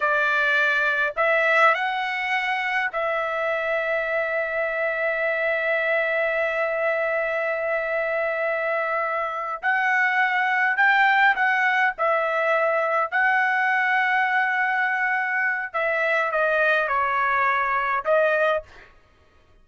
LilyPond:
\new Staff \with { instrumentName = "trumpet" } { \time 4/4 \tempo 4 = 103 d''2 e''4 fis''4~ | fis''4 e''2.~ | e''1~ | e''1~ |
e''8 fis''2 g''4 fis''8~ | fis''8 e''2 fis''4.~ | fis''2. e''4 | dis''4 cis''2 dis''4 | }